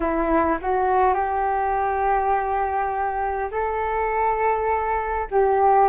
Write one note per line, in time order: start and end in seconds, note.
0.00 0.57 E4
0.61 1.14 F#4
1.14 3.49 G4
3.51 5.27 A4
5.30 5.89 G4